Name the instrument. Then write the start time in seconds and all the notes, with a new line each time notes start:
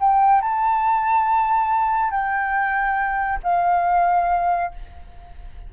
flute
0.00 G5
0.41 A5
2.10 G5
3.43 F5